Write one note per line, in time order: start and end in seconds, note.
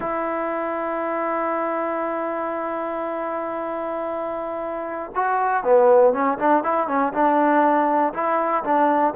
0.00 5.11 E4
5.15 5.63 F#4
5.63 6.12 B3
6.12 6.38 C#4
6.38 6.63 D4
6.63 6.88 E4
6.88 7.12 C#4
7.12 8.12 D4
8.13 8.63 E4
8.64 9.14 D4